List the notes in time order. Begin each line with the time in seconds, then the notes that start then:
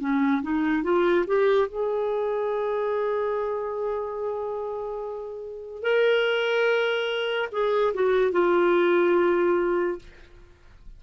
0.00 C#4
0.42 D#4
0.83 F4
1.27 G4
1.67 G#4
5.82 A#4
7.52 G#4
7.94 F#4
8.32 F4